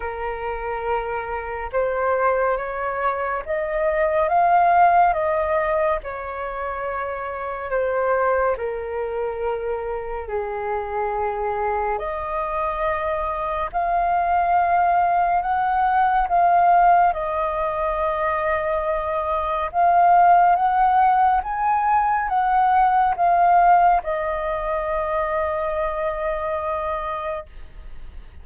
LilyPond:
\new Staff \with { instrumentName = "flute" } { \time 4/4 \tempo 4 = 70 ais'2 c''4 cis''4 | dis''4 f''4 dis''4 cis''4~ | cis''4 c''4 ais'2 | gis'2 dis''2 |
f''2 fis''4 f''4 | dis''2. f''4 | fis''4 gis''4 fis''4 f''4 | dis''1 | }